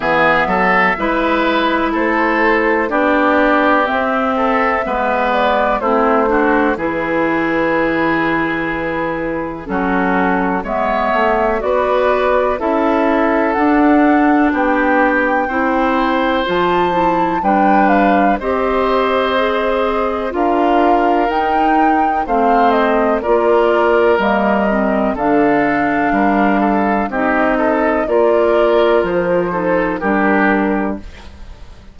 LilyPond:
<<
  \new Staff \with { instrumentName = "flute" } { \time 4/4 \tempo 4 = 62 e''2 c''4 d''4 | e''4. d''8 c''4 b'4~ | b'2 a'4 e''4 | d''4 e''4 fis''4 g''4~ |
g''4 a''4 g''8 f''8 dis''4~ | dis''4 f''4 g''4 f''8 dis''8 | d''4 dis''4 f''2 | dis''4 d''4 c''4 ais'4 | }
  \new Staff \with { instrumentName = "oboe" } { \time 4/4 gis'8 a'8 b'4 a'4 g'4~ | g'8 a'8 b'4 e'8 fis'8 gis'4~ | gis'2 fis'4 cis''4 | b'4 a'2 g'4 |
c''2 b'4 c''4~ | c''4 ais'2 c''4 | ais'2 a'4 ais'8 a'8 | g'8 a'8 ais'4. a'8 g'4 | }
  \new Staff \with { instrumentName = "clarinet" } { \time 4/4 b4 e'2 d'4 | c'4 b4 c'8 d'8 e'4~ | e'2 cis'4 b4 | fis'4 e'4 d'2 |
e'4 f'8 e'8 d'4 g'4 | gis'4 f'4 dis'4 c'4 | f'4 ais8 c'8 d'2 | dis'4 f'4. dis'8 d'4 | }
  \new Staff \with { instrumentName = "bassoon" } { \time 4/4 e8 fis8 gis4 a4 b4 | c'4 gis4 a4 e4~ | e2 fis4 gis8 a8 | b4 cis'4 d'4 b4 |
c'4 f4 g4 c'4~ | c'4 d'4 dis'4 a4 | ais4 g4 d4 g4 | c'4 ais4 f4 g4 | }
>>